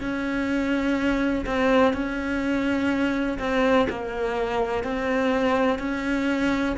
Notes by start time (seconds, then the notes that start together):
0.00 C#4
1.46 C4
1.93 C#4
3.39 C4
3.90 A#3
4.83 C4
5.79 C#4